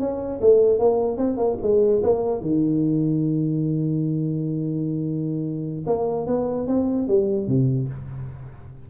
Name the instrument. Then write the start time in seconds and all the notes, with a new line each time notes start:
tuba
0.00 C#4
0.41 A3
0.80 A#3
1.18 C4
1.37 A#3
1.62 G#3
2.03 A#3
2.41 D#3
5.87 A#3
6.27 B3
6.68 C4
7.08 G3
7.48 C3